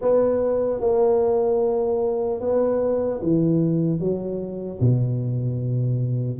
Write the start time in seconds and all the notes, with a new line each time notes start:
0.01 B3
0.80 A#3
2.40 B3
3.22 E3
3.99 F#3
4.80 B2